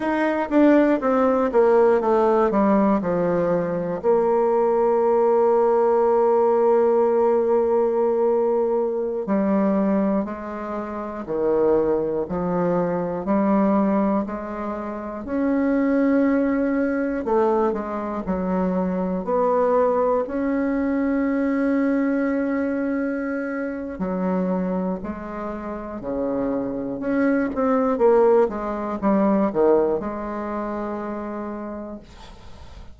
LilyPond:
\new Staff \with { instrumentName = "bassoon" } { \time 4/4 \tempo 4 = 60 dis'8 d'8 c'8 ais8 a8 g8 f4 | ais1~ | ais4~ ais16 g4 gis4 dis8.~ | dis16 f4 g4 gis4 cis'8.~ |
cis'4~ cis'16 a8 gis8 fis4 b8.~ | b16 cis'2.~ cis'8. | fis4 gis4 cis4 cis'8 c'8 | ais8 gis8 g8 dis8 gis2 | }